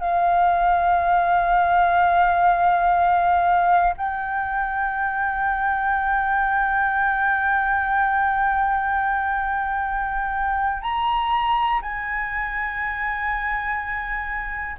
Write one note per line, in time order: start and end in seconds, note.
0.00 3.93 F5
3.97 10.82 G5
10.82 11.80 A#5
11.81 14.76 G#5